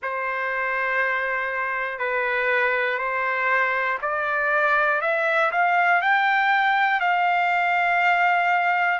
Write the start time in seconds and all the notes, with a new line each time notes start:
0.02 C5
1.98 B4
2.98 C5
4.01 D5
5.00 E5
5.51 F5
6.01 G5
7.00 F5